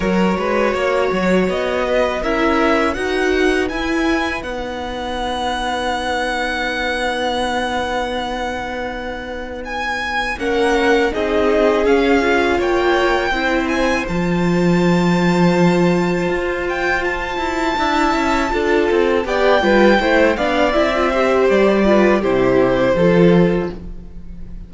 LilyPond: <<
  \new Staff \with { instrumentName = "violin" } { \time 4/4 \tempo 4 = 81 cis''2 dis''4 e''4 | fis''4 gis''4 fis''2~ | fis''1~ | fis''4 gis''4 fis''4 dis''4 |
f''4 g''4. gis''8 a''4~ | a''2~ a''8 g''8 a''4~ | a''2 g''4. f''8 | e''4 d''4 c''2 | }
  \new Staff \with { instrumentName = "violin" } { \time 4/4 ais'8 b'8 cis''4. b'8 ais'4 | b'1~ | b'1~ | b'2 ais'4 gis'4~ |
gis'4 cis''4 c''2~ | c''1 | e''4 a'4 d''8 b'8 c''8 d''8~ | d''8 c''4 b'8 g'4 a'4 | }
  \new Staff \with { instrumentName = "viola" } { \time 4/4 fis'2. e'4 | fis'4 e'4 dis'2~ | dis'1~ | dis'2 cis'4 dis'4 |
cis'8 f'4. e'4 f'4~ | f'1 | e'4 f'4 g'8 f'8 e'8 d'8 | e'16 f'16 g'4 f'8 e'4 f'4 | }
  \new Staff \with { instrumentName = "cello" } { \time 4/4 fis8 gis8 ais8 fis8 b4 cis'4 | dis'4 e'4 b2~ | b1~ | b2 ais4 c'4 |
cis'4 ais4 c'4 f4~ | f2 f'4. e'8 | d'8 cis'8 d'8 c'8 b8 g8 a8 b8 | c'4 g4 c4 f4 | }
>>